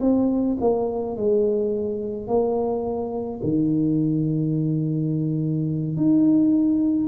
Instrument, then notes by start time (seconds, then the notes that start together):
tuba
0.00 C4
0.60 A#3
1.16 G#3
2.27 A#3
3.43 D#3
5.96 D#4